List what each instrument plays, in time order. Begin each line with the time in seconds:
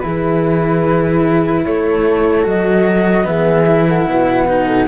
0.00 cello E3 E4, horn G#4, flute B4
1.65 cello A3, horn A4, flute C#5
2.43 cello F#3 F#4, flute D#5
3.24 cello E3 B3, horn G#4, flute E5
3.66 cello E4
3.88 horn A4, flute F#5
4.07 cello B2, horn B4
4.48 cello D#4
4.67 horn A4